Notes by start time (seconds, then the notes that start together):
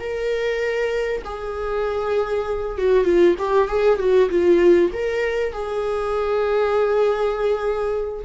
0.00 A#4
1.25 G#4
2.78 F#4
3.05 F4
3.39 G4
3.68 G#4
3.99 F#4
4.30 F4
4.93 A#4
5.53 G#4